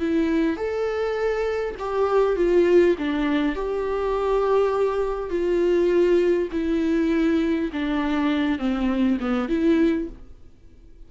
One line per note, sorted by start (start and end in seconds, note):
0.00 0.57 E4
0.57 1.76 A4
1.79 2.36 G4
2.36 2.96 F4
2.99 3.55 D4
3.55 5.30 G4
5.30 6.49 F4
6.52 7.71 E4
7.73 8.59 D4
8.59 9.18 C4
9.21 9.49 B3
9.49 10.08 E4